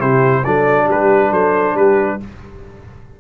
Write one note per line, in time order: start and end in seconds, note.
0.00 0.45 C3
0.00 0.44 E4
0.00 0.45 G4
0.00 0.45 C5
0.45 0.90 F#3
0.45 2.21 D4
0.45 0.87 A4
0.45 0.89 D5
0.87 1.32 G3
0.87 1.30 G4
0.87 1.34 B4
1.32 1.75 F#3
1.32 1.77 A4
1.32 1.77 C5
1.75 2.19 G3
1.75 2.20 G4
1.75 2.21 B4